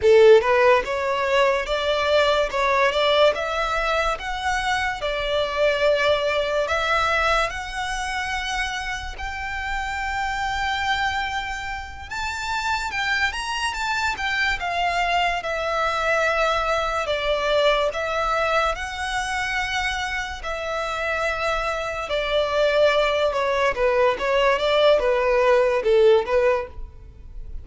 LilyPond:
\new Staff \with { instrumentName = "violin" } { \time 4/4 \tempo 4 = 72 a'8 b'8 cis''4 d''4 cis''8 d''8 | e''4 fis''4 d''2 | e''4 fis''2 g''4~ | g''2~ g''8 a''4 g''8 |
ais''8 a''8 g''8 f''4 e''4.~ | e''8 d''4 e''4 fis''4.~ | fis''8 e''2 d''4. | cis''8 b'8 cis''8 d''8 b'4 a'8 b'8 | }